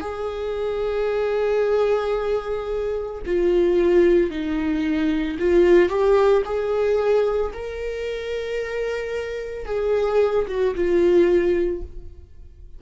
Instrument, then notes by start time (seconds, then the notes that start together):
viola
0.00 G#4
3.25 F4
4.30 D#4
5.39 F4
5.89 G4
6.45 G#4
7.53 A#4
9.65 G#4
10.47 F#4
10.74 F4